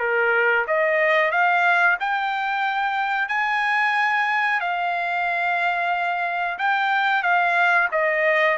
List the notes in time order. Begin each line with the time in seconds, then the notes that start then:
0.00 A#4
0.68 D#5
1.32 F5
2.00 G5
3.29 G#5
4.61 F5
6.59 G5
7.23 F5
7.92 D#5